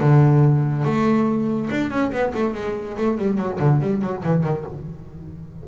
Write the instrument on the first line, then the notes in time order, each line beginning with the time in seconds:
double bass
0.00 D3
0.84 A3
1.70 D4
1.90 C#4
2.11 B3
2.34 A3
2.54 G#3
2.97 A3
3.17 G3
3.38 F#3
3.59 D3
3.80 G3
4.01 F#3
4.23 E3
4.43 D#3